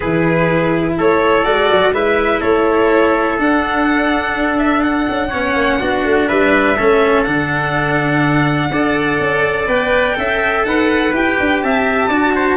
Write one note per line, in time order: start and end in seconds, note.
0.00 0.98 E3
0.00 1.44 E4
0.00 0.93 G#4
0.00 0.95 B4
0.97 1.45 A3
0.97 1.93 A4
0.97 1.44 C#5
1.44 1.69 G#3
1.44 1.93 F#4
1.44 1.92 D5
1.71 1.92 F#3
1.92 2.40 G#3
1.92 3.38 E4
1.92 2.40 B4
1.92 2.41 E5
2.40 3.39 A3
2.40 5.28 A4
2.40 3.38 C#5
3.38 5.31 D4
3.38 5.08 D4
3.38 4.58 F#5
4.58 4.83 E5
4.83 6.28 F#5
5.09 5.32 C#4
5.28 5.55 B3
5.28 5.80 C#4
5.28 5.77 C#5
5.55 5.79 A#3
5.79 6.04 B3
5.79 6.76 D4
5.79 6.27 F#4
6.04 6.28 A3
6.28 6.79 G3
6.28 6.76 B4
6.28 7.23 E5
6.76 7.27 A3
6.76 7.26 C#4
6.76 8.69 A4
7.23 8.70 D3
7.23 8.71 D4
7.23 9.65 F#5
8.70 9.18 D4
8.70 9.68 A4
8.70 10.17 D5
9.19 9.67 C#4
9.68 10.16 B3
9.68 10.14 B4
9.68 10.64 G5
10.14 10.64 C#4
10.14 11.11 A4
10.14 10.66 E5
10.64 11.12 D#4
10.64 11.64 B4
10.64 11.13 F#5
11.12 11.36 E4
11.12 12.09 G4
11.12 11.62 G5
11.39 11.63 D4
11.62 12.08 C4
11.62 12.07 E5
11.62 12.57 A5
12.07 12.57 D4
12.07 12.57 F#4
12.07 12.32 D5
12.35 12.57 C5